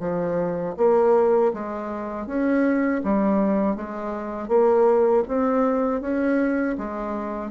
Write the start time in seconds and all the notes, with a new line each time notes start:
0.00 F3
0.77 A#3
1.53 G#3
2.26 C#4
3.04 G3
3.76 G#3
4.48 A#3
5.28 C4
6.01 C#4
6.78 G#3